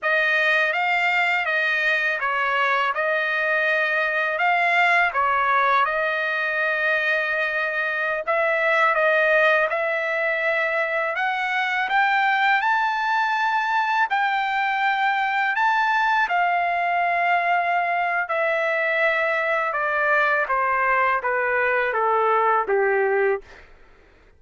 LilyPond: \new Staff \with { instrumentName = "trumpet" } { \time 4/4 \tempo 4 = 82 dis''4 f''4 dis''4 cis''4 | dis''2 f''4 cis''4 | dis''2.~ dis''16 e''8.~ | e''16 dis''4 e''2 fis''8.~ |
fis''16 g''4 a''2 g''8.~ | g''4~ g''16 a''4 f''4.~ f''16~ | f''4 e''2 d''4 | c''4 b'4 a'4 g'4 | }